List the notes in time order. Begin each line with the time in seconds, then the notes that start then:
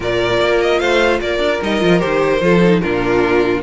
0.00 A#2 F4 A#4 D5
0.40 A#3
0.61 D#5
0.79 A3 C5 F5
1.21 A#3 A#4 D5
1.38 D4
1.61 G3 D#4 D#5
1.79 F3 F4
1.99 D#3 G4 C5
2.41 F3 F4 A4
2.63 D#4
2.81 A#2 D4 F4 A#4